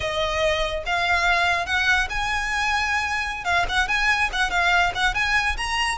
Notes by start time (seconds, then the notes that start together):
0.00 D#5
0.86 F5
1.66 F#5
2.09 G#5
3.44 F5
3.68 F#5
3.88 G#5
4.32 F#5
4.50 F5
4.94 F#5
5.14 G#5
5.57 A#5